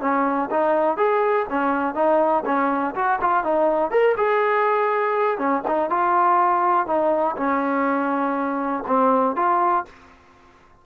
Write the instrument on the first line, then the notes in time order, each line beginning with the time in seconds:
trombone
0.00 C#4
0.51 D#4
0.97 G#4
1.50 C#4
1.95 D#4
2.45 C#4
2.95 F#4
3.21 F4
3.44 D#4
3.91 A#4
4.17 G#4
5.38 C#4
5.67 D#4
5.90 F4
6.87 D#4
7.36 C#4
8.87 C4
9.36 F4